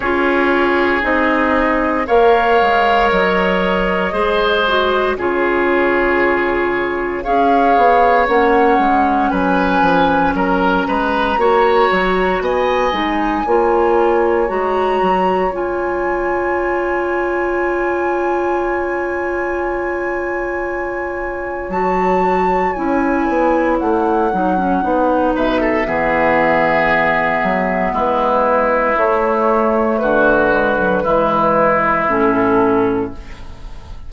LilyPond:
<<
  \new Staff \with { instrumentName = "flute" } { \time 4/4 \tempo 4 = 58 cis''4 dis''4 f''4 dis''4~ | dis''4 cis''2 f''4 | fis''4 gis''4 ais''2 | gis''2 ais''4 gis''4~ |
gis''1~ | gis''4 a''4 gis''4 fis''4~ | fis''8 e''2~ e''8 b'4 | cis''4 b'2 a'4 | }
  \new Staff \with { instrumentName = "oboe" } { \time 4/4 gis'2 cis''2 | c''4 gis'2 cis''4~ | cis''4 b'4 ais'8 b'8 cis''4 | dis''4 cis''2.~ |
cis''1~ | cis''1~ | cis''8 b'16 a'16 gis'2 e'4~ | e'4 fis'4 e'2 | }
  \new Staff \with { instrumentName = "clarinet" } { \time 4/4 f'4 dis'4 ais'2 | gis'8 fis'8 f'2 gis'4 | cis'2. fis'4~ | fis'8 dis'8 f'4 fis'4 f'4~ |
f'1~ | f'4 fis'4 e'4. dis'16 cis'16 | dis'4 b2. | a4. gis16 fis16 gis4 cis'4 | }
  \new Staff \with { instrumentName = "bassoon" } { \time 4/4 cis'4 c'4 ais8 gis8 fis4 | gis4 cis2 cis'8 b8 | ais8 gis8 fis8 f8 fis8 gis8 ais8 fis8 | b8 gis8 ais4 gis8 fis8 cis'4~ |
cis'1~ | cis'4 fis4 cis'8 b8 a8 fis8 | b8 b,8 e4. fis8 gis4 | a4 d4 e4 a,4 | }
>>